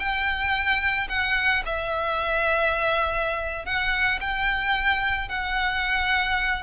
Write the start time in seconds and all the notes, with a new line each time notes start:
0.00 G5
1.10 F#5
1.66 E5
3.66 F#5
4.21 G5
5.29 F#5